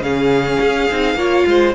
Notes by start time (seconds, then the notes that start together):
0.00 C#3 C#4 G#4 F5
0.60 C#4
0.91 C4 D#4
1.14 A#3 F4 C#5
1.46 G#3 C5